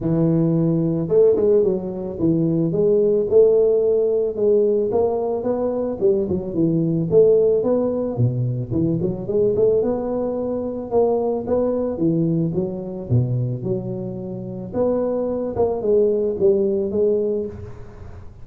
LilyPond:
\new Staff \with { instrumentName = "tuba" } { \time 4/4 \tempo 4 = 110 e2 a8 gis8 fis4 | e4 gis4 a2 | gis4 ais4 b4 g8 fis8 | e4 a4 b4 b,4 |
e8 fis8 gis8 a8 b2 | ais4 b4 e4 fis4 | b,4 fis2 b4~ | b8 ais8 gis4 g4 gis4 | }